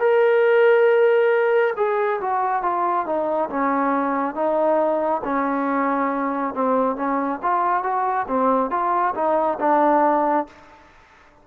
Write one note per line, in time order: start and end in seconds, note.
0.00 1.74 A#4
1.77 2.21 G#4
2.21 2.63 F#4
2.63 3.06 F4
3.06 3.50 D#4
3.50 4.35 C#4
4.35 5.22 D#4
5.25 6.55 C#4
6.55 6.96 C4
6.96 7.40 C#4
7.43 7.83 F4
7.83 8.27 F#4
8.28 8.71 C4
8.71 9.14 F4
9.15 9.58 D#4
9.60 10.47 D4